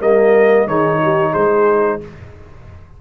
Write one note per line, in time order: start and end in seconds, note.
0.00 0.66 G3
0.00 0.68 A#3
0.00 0.67 A#4
0.00 0.68 D#5
0.66 1.33 D#3
0.66 2.01 D#4
0.66 1.01 G#4
0.66 1.34 C#5
1.03 1.32 G4
1.32 2.01 G#3
1.32 1.99 G#4
1.32 2.00 C5